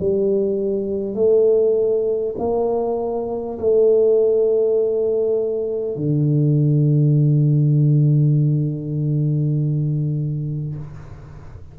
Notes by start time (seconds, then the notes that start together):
0.00 G3
1.15 A3
2.39 A#3
3.59 A3
5.96 D3